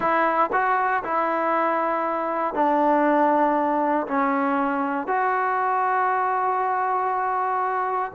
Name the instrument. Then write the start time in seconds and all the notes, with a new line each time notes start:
trombone
0.00 E4
0.52 F#4
1.03 E4
2.54 D4
4.07 C#4
5.07 F#4